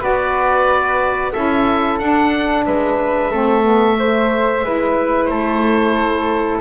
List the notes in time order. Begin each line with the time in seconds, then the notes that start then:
0.00 B3 F#4 B4 D5
1.33 C#4 E4 A4 E5
1.99 D4 F#5
2.65 G#3 B4 E5
3.31 A3 C4 A4
3.63 B3
3.98 A3 C5
4.63 G#3 E4 B4
5.25 A3 A4 C5